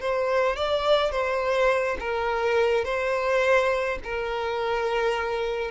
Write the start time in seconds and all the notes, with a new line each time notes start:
0.00 C5
0.56 D5
1.11 C5
2.00 A#4
2.84 C5
4.04 A#4